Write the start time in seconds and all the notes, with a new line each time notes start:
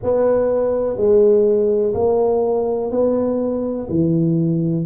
0.03 B3
0.97 G#3
1.94 A#3
2.90 B3
3.89 E3